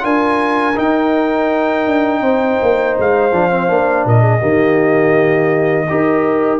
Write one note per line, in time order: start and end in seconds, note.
0.00 0.77 D4
0.00 0.73 F4
0.00 2.22 A#4
0.00 0.78 G#5
0.76 3.32 D#4
0.76 1.87 D#4
0.76 2.98 G5
1.87 2.21 D4
2.21 2.57 C4
2.21 4.05 C5
2.62 2.98 A#3
2.99 3.32 G#3
2.99 4.08 F5
3.32 3.69 F3
3.32 3.51 D4
3.51 3.68 C4
3.68 4.05 A#3
3.68 4.40 D4
4.05 4.42 A#2
4.05 4.21 A#4
4.05 6.59 D#5
4.21 4.39 G#4
4.40 5.89 D#3
4.40 5.87 A#3
4.40 5.86 G4
5.89 6.59 D#4
5.89 6.59 G4
5.89 6.59 A#4